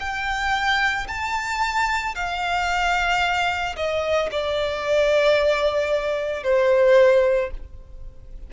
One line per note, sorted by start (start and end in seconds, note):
0.00 1.07 G5
1.08 2.15 A5
2.15 3.76 F5
3.76 4.30 D#5
4.31 6.43 D5
6.43 7.50 C5